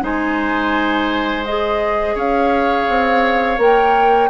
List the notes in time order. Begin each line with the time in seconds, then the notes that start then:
0.00 G#3 D#4 C5 G#5
1.44 G#4 D#5
2.14 C#4 C#5 F5
2.88 C4
3.58 A#3 A#4 G5